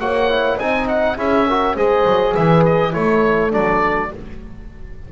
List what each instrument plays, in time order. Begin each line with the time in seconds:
0.00 double bass A#3, trombone F#4, horn C#5, oboe F#5
0.30 trombone E4
0.57 double bass C4, trombone D#4, horn D#5, oboe G#5
0.88 oboe F#5
1.17 double bass C#4, trombone E4, horn G#4, oboe E5
1.47 trombone F#4, horn A#4
1.75 double bass G#3, trombone G#4, horn C5, oboe D#5
2.06 double bass F#3
2.33 double bass E3, horn B4, oboe E5
2.65 oboe D#5
2.93 double bass A3, trombone E4, horn A4, oboe C#5
3.51 double bass F#3, trombone D4, oboe D5